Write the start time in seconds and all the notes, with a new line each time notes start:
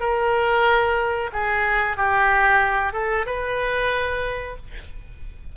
0.00 A#4
1.33 G#4
1.97 G4
2.93 A4
3.26 B4